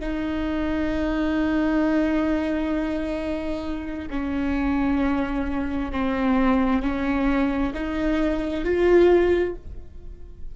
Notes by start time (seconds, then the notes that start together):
0.00 D#4
4.11 C#4
5.92 C4
6.83 C#4
7.74 D#4
8.65 F4